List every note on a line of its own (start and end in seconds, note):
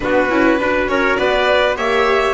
0.00 0.29 B3
0.00 0.29 D4
0.00 0.60 F#4
0.00 0.85 B4
0.29 0.59 C#4
0.29 0.59 E4
0.59 0.87 D4
0.59 1.75 F#4
0.59 0.89 B4
0.87 1.17 C#4
0.87 1.19 A#4
0.87 1.16 C#5
1.16 1.77 B3
1.16 1.77 B4
1.16 1.75 D5
1.75 2.33 A#3
1.75 2.33 G4
1.75 2.33 C#5
1.75 2.33 E5